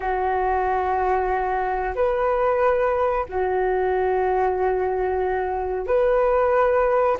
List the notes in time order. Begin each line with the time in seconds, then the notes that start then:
0.00 F#4
1.95 B4
3.28 F#4
5.86 B4